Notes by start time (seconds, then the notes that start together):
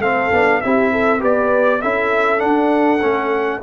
0.00 A3 C4 A4 F5
0.33 B3 D4
0.61 C4 E4 G4 E5
0.92 A4
1.20 B3 G4 B4 D5
1.82 C#4 E4 A4 E5
2.38 D4 F#5
3.01 A3 C#4